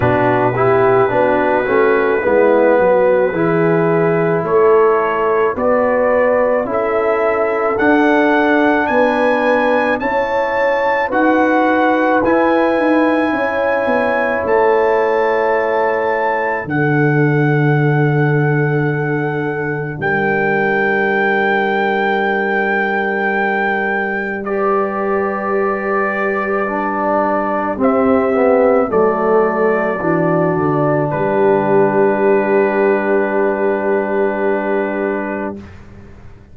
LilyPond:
<<
  \new Staff \with { instrumentName = "trumpet" } { \time 4/4 \tempo 4 = 54 b'1 | cis''4 d''4 e''4 fis''4 | gis''4 a''4 fis''4 gis''4~ | gis''4 a''2 fis''4~ |
fis''2 g''2~ | g''2 d''2~ | d''4 e''4 d''2 | b'1 | }
  \new Staff \with { instrumentName = "horn" } { \time 4/4 fis'8 g'8 fis'4 e'8 fis'8 gis'4 | a'4 b'4 a'2 | b'4 cis''4 b'2 | cis''2. a'4~ |
a'2 ais'2~ | ais'2 b'2~ | b'4 g'4 a'4 fis'4 | g'1 | }
  \new Staff \with { instrumentName = "trombone" } { \time 4/4 d'8 e'8 d'8 cis'8 b4 e'4~ | e'4 fis'4 e'4 d'4~ | d'4 e'4 fis'4 e'4~ | e'2. d'4~ |
d'1~ | d'2 g'2 | d'4 c'8 b8 a4 d'4~ | d'1 | }
  \new Staff \with { instrumentName = "tuba" } { \time 4/4 b,4 b8 a8 gis8 fis8 e4 | a4 b4 cis'4 d'4 | b4 cis'4 dis'4 e'8 dis'8 | cis'8 b8 a2 d4~ |
d2 g2~ | g1~ | g4 c'4 fis4 e8 d8 | g1 | }
>>